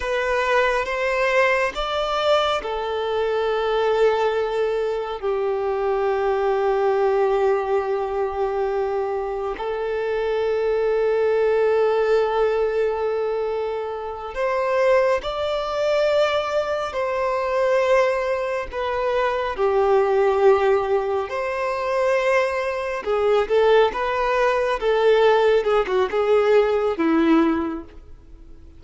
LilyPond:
\new Staff \with { instrumentName = "violin" } { \time 4/4 \tempo 4 = 69 b'4 c''4 d''4 a'4~ | a'2 g'2~ | g'2. a'4~ | a'1~ |
a'8 c''4 d''2 c''8~ | c''4. b'4 g'4.~ | g'8 c''2 gis'8 a'8 b'8~ | b'8 a'4 gis'16 fis'16 gis'4 e'4 | }